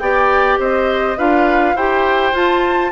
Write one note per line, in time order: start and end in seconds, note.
0.00 0.59 B3
0.00 1.18 G4
0.00 0.60 D5
0.00 0.58 G5
0.60 1.18 C4
0.60 1.18 C5
0.60 1.19 D#5
1.18 1.75 D4
1.18 1.76 F4
1.18 1.76 B4
1.18 1.77 F5
1.75 2.33 E4
1.75 2.34 G4
1.75 2.92 C5
1.75 2.36 G5
2.33 2.92 F4
2.33 2.92 A5